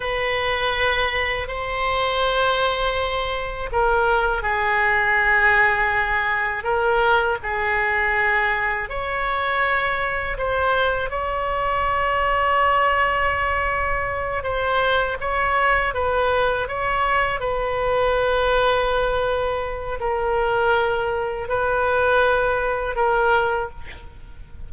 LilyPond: \new Staff \with { instrumentName = "oboe" } { \time 4/4 \tempo 4 = 81 b'2 c''2~ | c''4 ais'4 gis'2~ | gis'4 ais'4 gis'2 | cis''2 c''4 cis''4~ |
cis''2.~ cis''8 c''8~ | c''8 cis''4 b'4 cis''4 b'8~ | b'2. ais'4~ | ais'4 b'2 ais'4 | }